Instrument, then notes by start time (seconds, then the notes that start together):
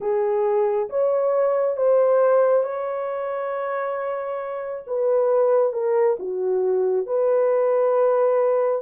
horn
0.00 G#4
0.89 C#5
1.76 C5
2.63 C#5
4.86 B4
5.72 A#4
6.19 F#4
7.06 B4